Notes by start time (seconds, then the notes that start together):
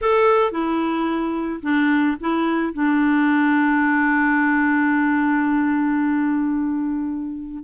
0.01 A4
0.51 E4
1.62 D4
2.20 E4
2.73 D4